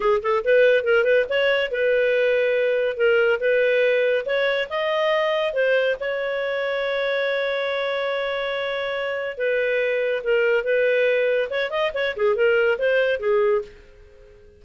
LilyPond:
\new Staff \with { instrumentName = "clarinet" } { \time 4/4 \tempo 4 = 141 gis'8 a'8 b'4 ais'8 b'8 cis''4 | b'2. ais'4 | b'2 cis''4 dis''4~ | dis''4 c''4 cis''2~ |
cis''1~ | cis''2 b'2 | ais'4 b'2 cis''8 dis''8 | cis''8 gis'8 ais'4 c''4 gis'4 | }